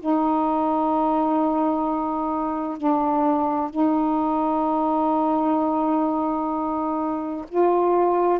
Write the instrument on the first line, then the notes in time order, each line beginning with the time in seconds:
saxophone
0.00 D#4
2.78 D4
3.71 D#4
7.49 F4